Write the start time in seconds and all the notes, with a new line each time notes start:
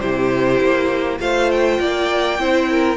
0.00 C3 E4 G4 C5
0.61 A#3
1.20 A3 F4 C5 F5
1.51 G5
1.80 A#3 D5
2.39 C4 E4 C5
2.70 A#4